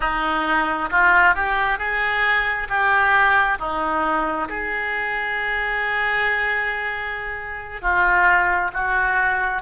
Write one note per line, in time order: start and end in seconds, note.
0.00 0.90 D#4
0.90 1.34 F4
1.34 1.78 G4
1.78 2.67 G#4
2.69 3.58 G4
3.58 4.48 D#4
4.48 7.81 G#4
7.81 8.71 F4
8.73 9.61 F#4